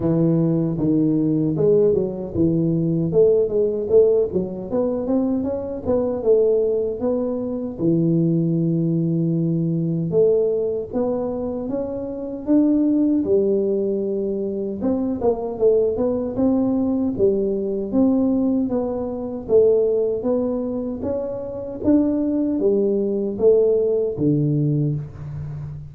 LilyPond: \new Staff \with { instrumentName = "tuba" } { \time 4/4 \tempo 4 = 77 e4 dis4 gis8 fis8 e4 | a8 gis8 a8 fis8 b8 c'8 cis'8 b8 | a4 b4 e2~ | e4 a4 b4 cis'4 |
d'4 g2 c'8 ais8 | a8 b8 c'4 g4 c'4 | b4 a4 b4 cis'4 | d'4 g4 a4 d4 | }